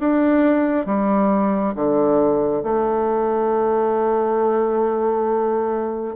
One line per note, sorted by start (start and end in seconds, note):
0.00 0.87 D4
0.87 1.75 G3
1.76 2.64 D3
2.64 6.16 A3